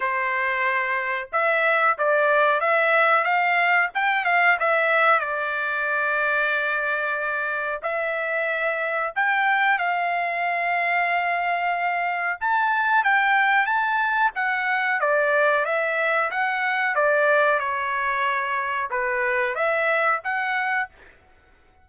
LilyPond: \new Staff \with { instrumentName = "trumpet" } { \time 4/4 \tempo 4 = 92 c''2 e''4 d''4 | e''4 f''4 g''8 f''8 e''4 | d''1 | e''2 g''4 f''4~ |
f''2. a''4 | g''4 a''4 fis''4 d''4 | e''4 fis''4 d''4 cis''4~ | cis''4 b'4 e''4 fis''4 | }